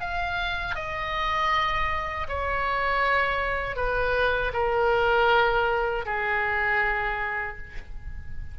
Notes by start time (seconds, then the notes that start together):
0.00 F5
0.75 D#5
2.28 C#5
3.76 B4
4.53 A#4
6.05 G#4